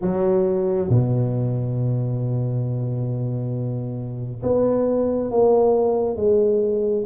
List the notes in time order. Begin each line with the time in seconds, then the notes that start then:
0.01 F#3
0.89 B2
4.42 B3
5.30 A#3
6.16 G#3